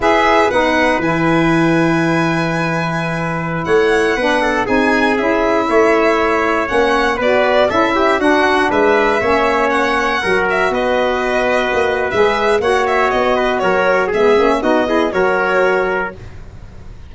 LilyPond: <<
  \new Staff \with { instrumentName = "violin" } { \time 4/4 \tempo 4 = 119 e''4 fis''4 gis''2~ | gis''2.~ gis''16 fis''8.~ | fis''4~ fis''16 gis''4 e''4.~ e''16~ | e''4~ e''16 fis''4 d''4 e''8.~ |
e''16 fis''4 e''2 fis''8.~ | fis''8. e''8 dis''2~ dis''8. | e''4 fis''8 e''8 dis''4 cis''4 | e''4 dis''4 cis''2 | }
  \new Staff \with { instrumentName = "trumpet" } { \time 4/4 b'1~ | b'2.~ b'16 cis''8.~ | cis''16 b'8 a'8 gis'2 cis''8.~ | cis''2~ cis''16 b'4 a'8 g'16~ |
g'16 fis'4 b'4 cis''4.~ cis''16~ | cis''16 ais'4 b'2~ b'8.~ | b'4 cis''4. b'8 ais'4 | gis'4 fis'8 gis'8 ais'2 | }
  \new Staff \with { instrumentName = "saxophone" } { \time 4/4 gis'4 dis'4 e'2~ | e'1~ | e'16 d'4 dis'4 e'4.~ e'16~ | e'4~ e'16 cis'4 fis'4 e'8.~ |
e'16 d'2 cis'4.~ cis'16~ | cis'16 fis'2.~ fis'8. | gis'4 fis'2. | b8 cis'8 dis'8 e'8 fis'2 | }
  \new Staff \with { instrumentName = "tuba" } { \time 4/4 e'4 b4 e2~ | e2.~ e16 a8.~ | a16 b4 c'4 cis'4 a8.~ | a4~ a16 ais4 b4 cis'8.~ |
cis'16 d'4 gis4 ais4.~ ais16~ | ais16 fis4 b2 ais8. | gis4 ais4 b4 fis4 | gis8 ais8 b4 fis2 | }
>>